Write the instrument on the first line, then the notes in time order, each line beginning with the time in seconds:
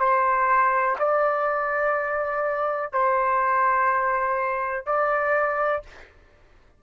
trumpet
0.00 C5
0.99 D5
2.93 C5
4.86 D5